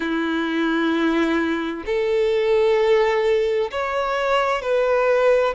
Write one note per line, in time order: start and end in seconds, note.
0.00 1.84 E4
1.86 3.70 A4
3.71 4.62 C#5
4.62 5.54 B4